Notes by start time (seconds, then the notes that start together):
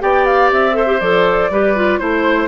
0.00 B3 G4 D5 G5
0.26 F5
0.51 C4 E5
0.73 A4 C5
0.86 G4
1.00 F3 A4 D5
1.50 G3 G4 B4
1.76 F4
1.98 A3 E4 C5